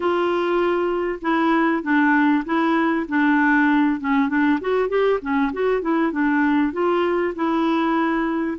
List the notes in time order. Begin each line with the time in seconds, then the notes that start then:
0.00 F4
1.21 E4
1.82 D4
2.45 E4
3.08 D4
4.00 C#4
4.28 D4
4.60 F#4
4.88 G4
5.21 C#4
5.52 F#4
5.81 E4
6.12 D4
6.73 F4
7.35 E4